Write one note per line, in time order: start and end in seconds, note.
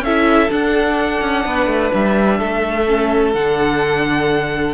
0.00 0.47 C#4
0.00 1.45 A4
0.00 0.51 E5
0.07 0.50 E4
0.50 2.86 D4
0.50 1.22 D4
0.50 1.94 F#5
1.22 1.45 C#4
1.45 1.67 B3
1.45 2.39 B4
1.67 1.91 A3
1.94 2.40 G3
1.94 3.34 E5
2.39 3.34 A3
2.39 4.75 A4
2.87 3.35 C#4
3.34 4.75 D3
3.34 4.75 D4
3.34 4.75 F#5